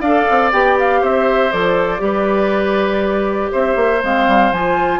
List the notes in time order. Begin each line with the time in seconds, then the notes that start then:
0.00 D4 A4 D5 F5
0.30 C4
0.52 B3 G4 G5
0.79 F5
1.01 C4 C5 E5
1.51 F3 A4 D5
1.98 G3 G4 B4
3.51 C4 C5 E5
3.75 A#3
4.03 G#3 C4 F5
4.27 G3
4.51 F3 F4 G#5